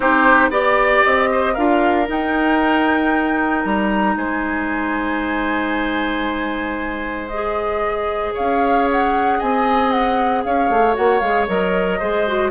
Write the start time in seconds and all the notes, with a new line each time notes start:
0.00 C4 D#4 G4 C5
0.50 B3 G4 D5
1.04 C4 D#5
1.32 C5
1.53 D4 F4 A#4 F5
2.06 D#4 G5
3.64 G3 A#5
4.16 G#3 C5 G#5
7.27 G#4 D#5
8.33 C#4 C#5 F5
8.91 F#5
9.38 C4 D#5 G#5
9.90 F#5
10.43 C#4 C#5 F5
10.69 A3
10.93 A#3 F#4 F#5
11.19 G#3 G#4 F5
11.47 F#3 A#4 D#5
11.98 G#3 G#4 C5
12.27 F#4